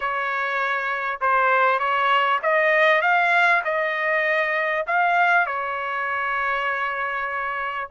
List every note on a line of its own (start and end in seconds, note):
0.00 1.20 C#5
1.20 1.79 C5
1.79 2.39 C#5
2.42 3.01 D#5
3.01 3.62 F5
3.64 4.85 D#5
4.86 5.46 F5
5.46 7.88 C#5